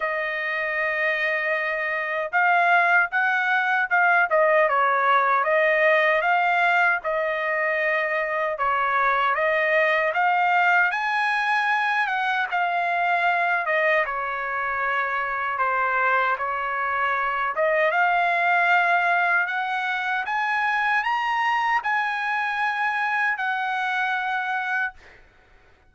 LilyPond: \new Staff \with { instrumentName = "trumpet" } { \time 4/4 \tempo 4 = 77 dis''2. f''4 | fis''4 f''8 dis''8 cis''4 dis''4 | f''4 dis''2 cis''4 | dis''4 f''4 gis''4. fis''8 |
f''4. dis''8 cis''2 | c''4 cis''4. dis''8 f''4~ | f''4 fis''4 gis''4 ais''4 | gis''2 fis''2 | }